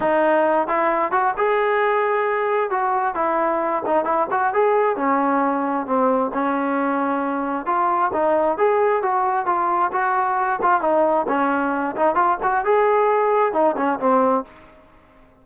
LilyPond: \new Staff \with { instrumentName = "trombone" } { \time 4/4 \tempo 4 = 133 dis'4. e'4 fis'8 gis'4~ | gis'2 fis'4 e'4~ | e'8 dis'8 e'8 fis'8 gis'4 cis'4~ | cis'4 c'4 cis'2~ |
cis'4 f'4 dis'4 gis'4 | fis'4 f'4 fis'4. f'8 | dis'4 cis'4. dis'8 f'8 fis'8 | gis'2 dis'8 cis'8 c'4 | }